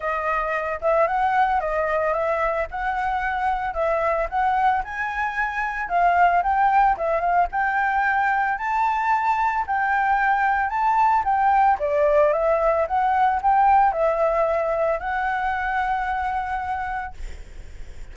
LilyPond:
\new Staff \with { instrumentName = "flute" } { \time 4/4 \tempo 4 = 112 dis''4. e''8 fis''4 dis''4 | e''4 fis''2 e''4 | fis''4 gis''2 f''4 | g''4 e''8 f''8 g''2 |
a''2 g''2 | a''4 g''4 d''4 e''4 | fis''4 g''4 e''2 | fis''1 | }